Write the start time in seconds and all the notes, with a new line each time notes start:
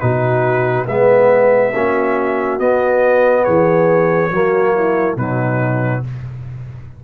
0.00 B2 D#4 F#4 B4
0.87 G#3 B3 B4 E5
1.74 A#3 C#4 F#4
2.59 B3 D#5
3.44 E3 G#4 C#5
4.31 F#3 A#3 F#4
4.75 E4
5.16 B2 F#3 D#4 B4